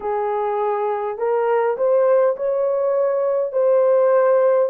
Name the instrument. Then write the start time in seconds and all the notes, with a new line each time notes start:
horn
0.00 G#4
1.18 A#4
1.77 C5
2.36 C#5
3.52 C5